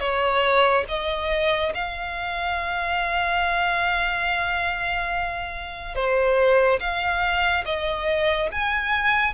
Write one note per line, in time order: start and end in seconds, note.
0.00 0.85 C#5
0.88 1.73 D#5
1.74 5.95 F5
5.95 6.80 C5
6.80 7.64 F5
7.65 8.49 D#5
8.51 9.33 G#5